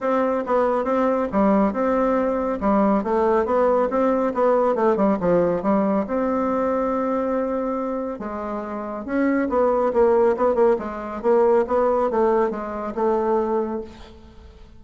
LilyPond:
\new Staff \with { instrumentName = "bassoon" } { \time 4/4 \tempo 4 = 139 c'4 b4 c'4 g4 | c'2 g4 a4 | b4 c'4 b4 a8 g8 | f4 g4 c'2~ |
c'2. gis4~ | gis4 cis'4 b4 ais4 | b8 ais8 gis4 ais4 b4 | a4 gis4 a2 | }